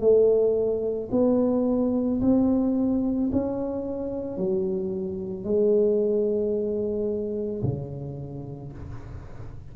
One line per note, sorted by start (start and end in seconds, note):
0.00 1.09 A3
1.11 2.20 B3
2.21 3.30 C4
3.32 4.37 C#4
4.37 5.44 F#3
5.44 7.62 G#3
7.63 8.72 C#3